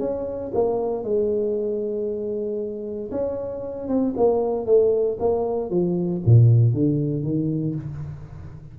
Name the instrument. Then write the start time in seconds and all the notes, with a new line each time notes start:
tuba
0.00 C#4
0.54 A#3
1.04 G#3
3.12 C#4
3.88 C4
4.17 A#3
4.66 A3
5.20 A#3
5.70 F3
6.26 A#2
6.74 D3
7.23 D#3